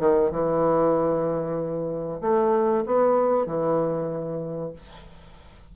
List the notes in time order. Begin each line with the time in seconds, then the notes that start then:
0.00 D#3
0.32 E3
2.21 A3
2.86 B3
3.47 E3